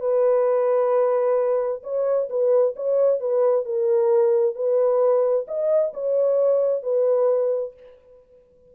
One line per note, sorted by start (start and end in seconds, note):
0.00 1.82 B4
1.83 2.29 C#5
2.29 2.75 B4
2.76 3.20 C#5
3.20 3.65 B4
3.65 4.55 A#4
4.55 5.46 B4
5.48 5.93 D#5
5.93 6.83 C#5
6.83 7.74 B4